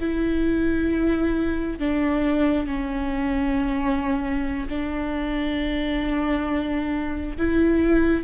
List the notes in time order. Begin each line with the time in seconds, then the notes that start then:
0.00 E4
1.79 D4
2.66 C#4
4.68 D4
7.37 E4